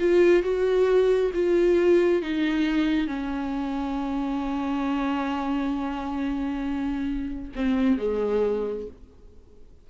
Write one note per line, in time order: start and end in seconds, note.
0.00 0.43 F4
0.43 1.32 F#4
1.34 2.22 F4
2.22 3.08 D#4
3.08 7.52 C#4
7.56 7.99 C4
7.99 8.87 G#3